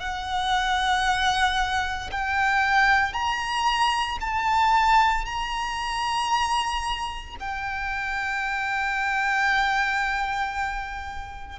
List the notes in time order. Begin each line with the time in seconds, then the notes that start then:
0.00 F#5
2.11 G5
3.13 A#5
4.21 A5
5.25 A#5
7.40 G5